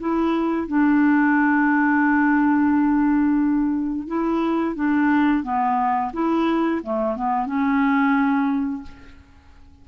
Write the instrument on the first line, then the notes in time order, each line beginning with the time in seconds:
clarinet
0.00 E4
0.68 D4
4.08 E4
4.76 D4
5.44 B3
6.13 E4
6.83 A3
7.17 B3
7.47 C#4